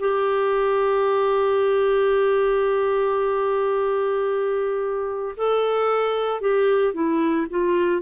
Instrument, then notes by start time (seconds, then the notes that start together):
clarinet
0.00 G4
5.37 A4
6.41 G4
6.94 E4
7.50 F4